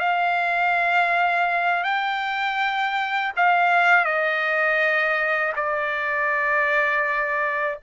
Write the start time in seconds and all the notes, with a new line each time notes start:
0.00 F5
1.84 G5
3.36 F5
4.05 D#5
5.56 D5